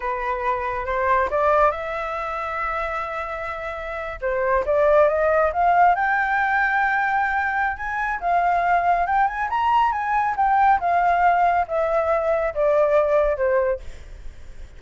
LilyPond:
\new Staff \with { instrumentName = "flute" } { \time 4/4 \tempo 4 = 139 b'2 c''4 d''4 | e''1~ | e''4.~ e''16 c''4 d''4 dis''16~ | dis''8. f''4 g''2~ g''16~ |
g''2 gis''4 f''4~ | f''4 g''8 gis''8 ais''4 gis''4 | g''4 f''2 e''4~ | e''4 d''2 c''4 | }